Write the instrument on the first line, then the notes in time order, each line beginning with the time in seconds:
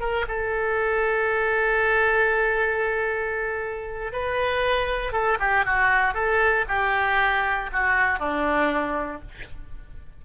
oboe
0.00 A#4
0.28 A4
4.12 B4
5.12 A4
5.40 G4
5.65 F#4
6.14 A4
6.68 G4
7.72 F#4
8.19 D4